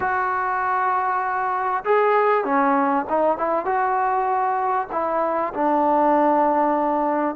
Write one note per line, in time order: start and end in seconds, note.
0.00 1.84 F#4
1.84 2.44 G#4
2.44 3.05 C#4
3.09 3.37 D#4
3.37 3.65 E4
3.65 4.87 F#4
4.92 5.53 E4
5.54 7.35 D4